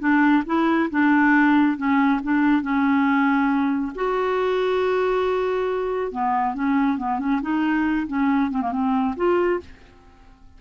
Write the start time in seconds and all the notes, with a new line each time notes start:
0.00 D4
0.46 E4
0.91 D4
1.77 C#4
2.23 D4
2.62 C#4
3.95 F#4
6.12 B3
6.55 C#4
6.98 B3
7.19 C#4
7.42 D#4
8.08 C#4
8.51 C4
8.62 A#3
8.72 C4
9.17 F4